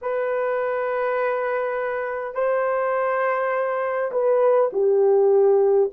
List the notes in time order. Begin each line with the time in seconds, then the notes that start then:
0.01 B4
2.34 C5
4.11 B4
4.72 G4